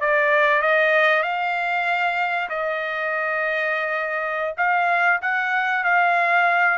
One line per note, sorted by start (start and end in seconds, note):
0.00 0.62 D5
0.62 1.22 D#5
1.22 2.49 F5
2.49 4.54 D#5
4.57 5.20 F5
5.21 5.84 F#5
5.84 6.78 F5